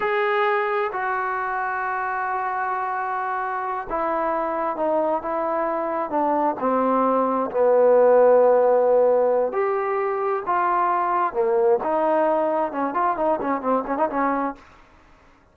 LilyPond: \new Staff \with { instrumentName = "trombone" } { \time 4/4 \tempo 4 = 132 gis'2 fis'2~ | fis'1~ | fis'8 e'2 dis'4 e'8~ | e'4. d'4 c'4.~ |
c'8 b2.~ b8~ | b4 g'2 f'4~ | f'4 ais4 dis'2 | cis'8 f'8 dis'8 cis'8 c'8 cis'16 dis'16 cis'4 | }